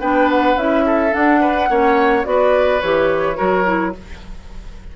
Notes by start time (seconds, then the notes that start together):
0.00 B3 D4 B4 G5
0.30 F#5
0.56 C#4 E4 E5
0.85 A4
1.10 D4 F#5
1.40 B4
1.69 A#3 C#4 C#5
2.23 B3 F#4 B4 D5
2.80 E3 G4 C#5
3.35 F#3 F#4 A#4
3.64 E4